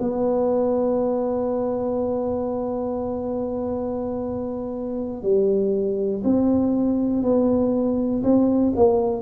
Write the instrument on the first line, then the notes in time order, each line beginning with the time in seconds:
tuba
0.00 B3
5.23 G3
6.24 C4
7.23 B3
8.23 C4
8.76 A#3